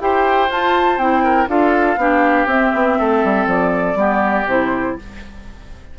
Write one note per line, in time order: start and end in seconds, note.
0.00 0.50 E4
0.00 0.50 G4
0.00 1.24 C5
0.00 0.51 G5
0.50 0.98 F4
0.50 0.99 F4
0.50 0.98 A5
0.98 1.47 C4
0.98 1.47 E4
0.98 1.48 G5
1.24 1.48 A#4
1.47 1.97 D4
1.47 1.97 F4
1.47 1.99 A4
1.47 2.48 F5
1.97 2.46 B3
1.97 2.49 D4
1.97 2.98 G4
2.46 2.71 C4
2.46 3.97 C4
2.46 3.48 E5
2.74 2.98 B3
2.98 3.24 A3
2.98 3.98 A4
3.24 3.46 G3
3.46 3.95 F3
3.46 4.48 D5
3.95 4.44 G3
3.95 4.46 B3
3.95 4.98 G4
4.46 4.95 C3
4.46 4.99 E4
4.46 4.99 C5